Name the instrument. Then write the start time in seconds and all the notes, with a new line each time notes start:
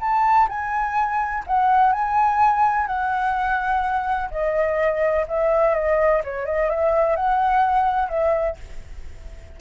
flute
0.00 A5
0.49 G#5
1.47 F#5
1.92 G#5
2.87 F#5
4.31 D#5
5.28 E5
5.74 D#5
6.24 C#5
6.45 D#5
6.69 E5
7.16 F#5
8.09 E5